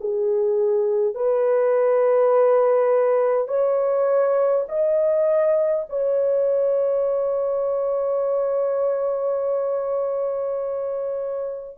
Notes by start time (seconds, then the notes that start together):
0.00 G#4
1.14 B4
3.48 C#5
4.68 D#5
5.89 C#5